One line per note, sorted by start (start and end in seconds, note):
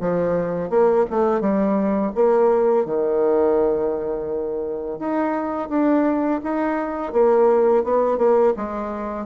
0.00 0.69 F3
0.69 1.05 A#3
1.10 1.40 A3
1.40 2.12 G3
2.15 2.85 A#3
2.85 4.99 D#3
4.99 5.69 D#4
5.69 6.40 D4
6.43 7.12 D#4
7.12 7.83 A#3
7.83 8.18 B3
8.18 8.53 A#3
8.56 9.26 G#3